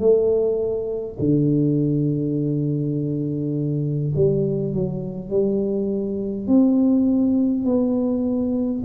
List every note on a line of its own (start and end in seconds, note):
0.00 1.18 A3
1.19 4.13 D3
4.16 4.74 G3
4.74 5.30 F#3
5.30 6.48 G3
6.48 7.65 C4
7.65 8.83 B3